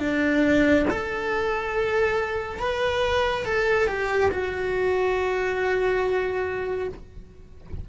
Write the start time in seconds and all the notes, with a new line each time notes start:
0.00 D4
0.90 A4
2.60 B4
3.46 A4
3.88 G4
4.32 F#4